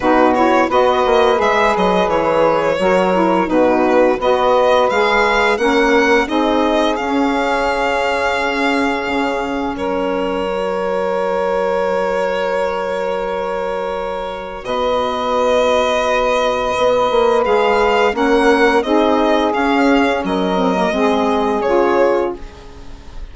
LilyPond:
<<
  \new Staff \with { instrumentName = "violin" } { \time 4/4 \tempo 4 = 86 b'8 cis''8 dis''4 e''8 dis''8 cis''4~ | cis''4 b'4 dis''4 f''4 | fis''4 dis''4 f''2~ | f''2 cis''2~ |
cis''1~ | cis''4 dis''2.~ | dis''4 f''4 fis''4 dis''4 | f''4 dis''2 cis''4 | }
  \new Staff \with { instrumentName = "saxophone" } { \time 4/4 fis'4 b'2. | ais'4 fis'4 b'2 | ais'4 gis'2.~ | gis'2 ais'2~ |
ais'1~ | ais'4 b'2.~ | b'2 ais'4 gis'4~ | gis'4 ais'4 gis'2 | }
  \new Staff \with { instrumentName = "saxophone" } { \time 4/4 dis'8 e'8 fis'4 gis'2 | fis'8 e'8 dis'4 fis'4 gis'4 | cis'4 dis'4 cis'2~ | cis'2. fis'4~ |
fis'1~ | fis'1~ | fis'4 gis'4 cis'4 dis'4 | cis'4. c'16 ais16 c'4 f'4 | }
  \new Staff \with { instrumentName = "bassoon" } { \time 4/4 b,4 b8 ais8 gis8 fis8 e4 | fis4 b,4 b4 gis4 | ais4 c'4 cis'2~ | cis'4 cis4 fis2~ |
fis1~ | fis4 b,2. | b8 ais8 gis4 ais4 c'4 | cis'4 fis4 gis4 cis4 | }
>>